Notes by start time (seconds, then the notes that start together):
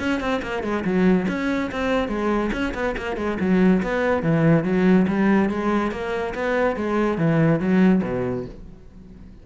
0.00 C#4
0.21 C4
0.43 A#3
0.63 G#3
0.85 F#3
1.29 C#4
1.72 C4
2.09 G#3
2.53 C#4
2.75 B3
2.98 A#3
3.17 G#3
3.41 F#3
3.83 B3
4.23 E3
4.65 F#3
5.08 G3
5.50 G#3
5.92 A#3
6.35 B3
6.77 G#3
7.18 E3
7.60 F#3
8.04 B2